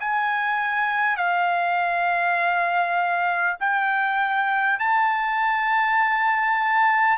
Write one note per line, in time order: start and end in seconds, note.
0.00 1.17 G#5
1.17 3.57 F5
3.60 4.79 G5
4.79 7.18 A5